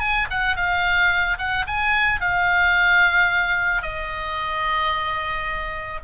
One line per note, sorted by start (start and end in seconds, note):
0.00 0.27 G#5
0.30 0.56 F#5
0.56 1.38 F5
1.38 1.65 F#5
1.67 2.21 G#5
2.21 3.82 F5
3.82 6.00 D#5